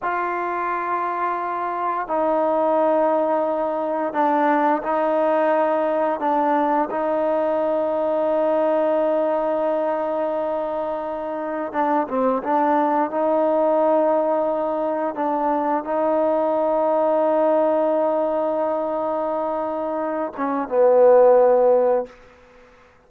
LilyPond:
\new Staff \with { instrumentName = "trombone" } { \time 4/4 \tempo 4 = 87 f'2. dis'4~ | dis'2 d'4 dis'4~ | dis'4 d'4 dis'2~ | dis'1~ |
dis'4 d'8 c'8 d'4 dis'4~ | dis'2 d'4 dis'4~ | dis'1~ | dis'4. cis'8 b2 | }